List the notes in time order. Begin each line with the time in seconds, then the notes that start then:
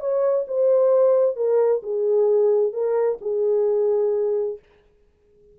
0.00 C#5
0.47 C5
1.36 A#4
1.83 G#4
2.73 A#4
3.21 G#4